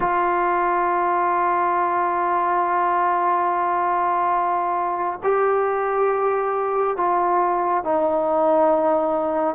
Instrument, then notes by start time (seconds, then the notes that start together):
trombone
0.00 F4
5.23 G4
6.96 F4
7.84 D#4